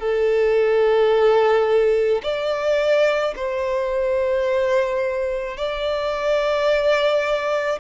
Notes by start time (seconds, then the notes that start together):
0.00 A4
2.24 D5
3.36 C5
5.58 D5